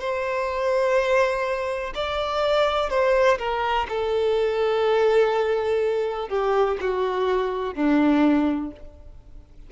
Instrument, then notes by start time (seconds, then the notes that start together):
violin
0.00 C5
1.95 D5
2.90 C5
3.39 A#4
3.89 A4
6.29 G4
6.81 F#4
7.75 D4